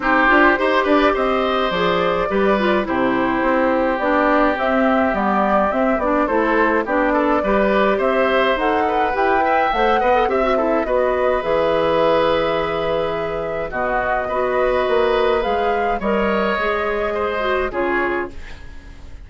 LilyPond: <<
  \new Staff \with { instrumentName = "flute" } { \time 4/4 \tempo 4 = 105 c''4. d''8 dis''4 d''4~ | d''4 c''2 d''4 | e''4 d''4 e''8 d''8 c''4 | d''2 e''4 fis''4 |
g''4 fis''4 e''4 dis''4 | e''1 | dis''2. f''4 | dis''2. cis''4 | }
  \new Staff \with { instrumentName = "oboe" } { \time 4/4 g'4 c''8 b'8 c''2 | b'4 g'2.~ | g'2. a'4 | g'8 a'8 b'4 c''4. b'8~ |
b'8 e''4 dis''8 e''8 a'8 b'4~ | b'1 | fis'4 b'2. | cis''2 c''4 gis'4 | }
  \new Staff \with { instrumentName = "clarinet" } { \time 4/4 dis'8 f'8 g'2 gis'4 | g'8 f'8 e'2 d'4 | c'4 b4 c'8 d'8 e'4 | d'4 g'2 a'4 |
g'8 b'8 c''8 b'16 a'16 g'16 fis'16 e'8 fis'4 | gis'1 | b4 fis'2 gis'4 | ais'4 gis'4. fis'8 f'4 | }
  \new Staff \with { instrumentName = "bassoon" } { \time 4/4 c'8 d'8 dis'8 d'8 c'4 f4 | g4 c4 c'4 b4 | c'4 g4 c'8 b8 a4 | b4 g4 c'4 dis'4 |
e'4 a8 b8 c'4 b4 | e1 | b,4 b4 ais4 gis4 | g4 gis2 cis4 | }
>>